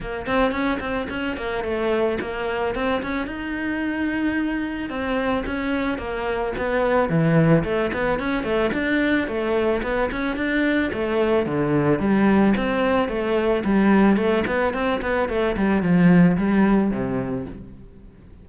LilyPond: \new Staff \with { instrumentName = "cello" } { \time 4/4 \tempo 4 = 110 ais8 c'8 cis'8 c'8 cis'8 ais8 a4 | ais4 c'8 cis'8 dis'2~ | dis'4 c'4 cis'4 ais4 | b4 e4 a8 b8 cis'8 a8 |
d'4 a4 b8 cis'8 d'4 | a4 d4 g4 c'4 | a4 g4 a8 b8 c'8 b8 | a8 g8 f4 g4 c4 | }